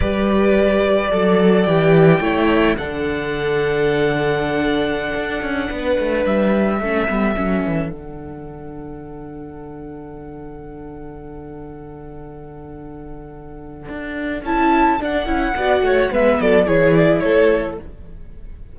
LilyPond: <<
  \new Staff \with { instrumentName = "violin" } { \time 4/4 \tempo 4 = 108 d''2. g''4~ | g''4 fis''2.~ | fis''2.~ fis''16 e''8.~ | e''2~ e''16 fis''4.~ fis''16~ |
fis''1~ | fis''1~ | fis''2 a''4 fis''4~ | fis''4 e''8 d''8 cis''8 d''8 cis''4 | }
  \new Staff \with { instrumentName = "violin" } { \time 4/4 b'2 d''2 | cis''4 a'2.~ | a'2~ a'16 b'4.~ b'16~ | b'16 a'2.~ a'8.~ |
a'1~ | a'1~ | a'1 | d''8 cis''8 b'8 a'8 gis'4 a'4 | }
  \new Staff \with { instrumentName = "viola" } { \time 4/4 g'2 a'4 g'4 | e'4 d'2.~ | d'1~ | d'16 cis'8 b8 cis'4 d'4.~ d'16~ |
d'1~ | d'1~ | d'2 e'4 d'8 e'8 | fis'4 b4 e'2 | }
  \new Staff \with { instrumentName = "cello" } { \time 4/4 g2 fis4 e4 | a4 d2.~ | d4~ d16 d'8 cis'8 b8 a8 g8.~ | g16 a8 g8 fis8 e8 d4.~ d16~ |
d1~ | d1~ | d4 d'4 cis'4 d'8 cis'8 | b8 a8 gis8 fis8 e4 a4 | }
>>